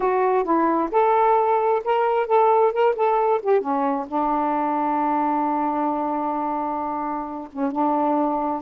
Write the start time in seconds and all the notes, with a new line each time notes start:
0.00 F#4
0.44 E4
0.91 A4
1.84 A#4
2.26 A4
2.72 A#4
2.95 A4
3.42 G4
3.60 C#4
4.07 D4
7.52 C#4
7.71 D4